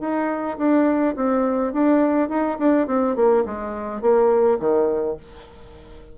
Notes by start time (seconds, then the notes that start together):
0.00 D#4
0.58 D4
1.16 C4
1.73 D4
2.29 D#4
2.59 D4
2.87 C4
3.16 A#3
3.45 G#3
4.01 A#3
4.59 D#3